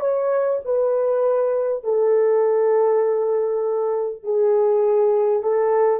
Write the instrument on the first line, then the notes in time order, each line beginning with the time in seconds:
horn
0.00 C#5
0.65 B4
1.84 A4
4.23 G#4
5.43 A4